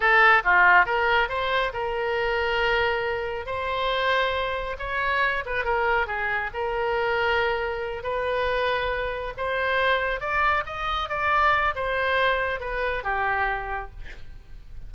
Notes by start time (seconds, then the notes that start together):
0.00 A4
0.44 F4
0.85 A#4
1.28 C5
1.73 A#4
3.46 C5
4.78 C#5
5.45 B4
5.64 A#4
6.07 G#4
6.53 A#4
8.03 B4
9.37 C5
10.20 D5
10.65 D#5
11.09 D5
11.75 C5
12.60 B4
13.03 G4